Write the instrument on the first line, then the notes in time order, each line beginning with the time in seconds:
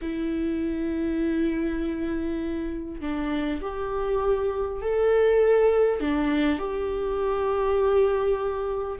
viola
0.01 E4
3.01 D4
3.61 G4
4.81 A4
6.00 D4
6.58 G4